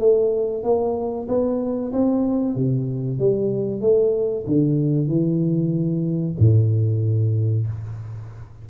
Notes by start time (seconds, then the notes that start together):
0.00 A3
0.64 A#3
1.29 B3
1.93 C4
2.56 C3
3.19 G3
3.81 A3
4.47 D3
5.08 E3
6.39 A2